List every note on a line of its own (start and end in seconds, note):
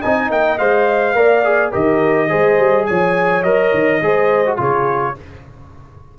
0.00 0.30 C4
0.00 0.59 D#4
0.00 1.14 D#5
0.00 0.30 G#5
0.30 0.59 A#3
0.30 0.58 G5
0.58 1.15 G#3
0.58 1.15 C5
0.58 1.73 F5
1.15 1.72 A#3
1.15 1.43 A#4
1.15 1.72 D5
1.45 1.72 G#4
1.72 2.32 D#3
1.72 2.29 G4
1.72 2.29 A#4
1.72 2.86 D#5
2.29 2.58 G#3
2.29 3.44 G#4
2.29 2.87 C5
2.58 2.87 G3
2.86 3.43 F3
2.86 4.02 C#5
2.86 3.43 G#5
3.43 3.72 F#3
3.43 4.02 A#4
3.43 4.58 D#5
3.74 4.01 D#3
4.01 4.58 G#3
4.01 4.46 G#4
4.01 4.59 C5
4.46 4.57 F#4
4.57 5.16 C#3
4.57 5.14 F4
4.57 5.16 G#4
4.57 5.19 C#5